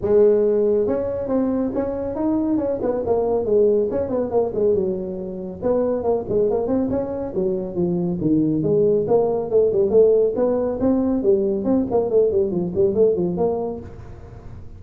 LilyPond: \new Staff \with { instrumentName = "tuba" } { \time 4/4 \tempo 4 = 139 gis2 cis'4 c'4 | cis'4 dis'4 cis'8 b8 ais4 | gis4 cis'8 b8 ais8 gis8 fis4~ | fis4 b4 ais8 gis8 ais8 c'8 |
cis'4 fis4 f4 dis4 | gis4 ais4 a8 g8 a4 | b4 c'4 g4 c'8 ais8 | a8 g8 f8 g8 a8 f8 ais4 | }